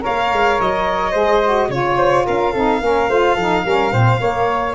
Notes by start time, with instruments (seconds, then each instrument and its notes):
0.00 tuba A#3, saxophone A#4, flute C#5, violin F5
0.32 tuba G#3
0.60 tuba F#3, violin D#5
1.11 tuba G#3, saxophone G#4, flute C5
1.45 saxophone F#4
1.68 tuba C#3, saxophone F4, flute C#5, violin C#5
1.97 flute C5
2.25 tuba C#4, flute A#4, violin F5
2.52 tuba C4, saxophone D#4, flute A4
2.80 tuba A#3, saxophone C#4, flute A#4
3.08 tuba A3, saxophone F4, flute C5
3.34 tuba F3, saxophone D#4, flute A4
3.64 tuba G3, saxophone C#4, flute A#4
3.90 tuba A#2, saxophone C4, flute C5
4.18 saxophone A#3, tuba A#3, flute C#5